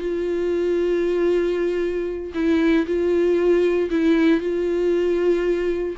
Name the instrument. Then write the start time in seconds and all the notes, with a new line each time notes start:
viola
0.00 F4
2.35 E4
2.87 F4
3.91 E4
4.41 F4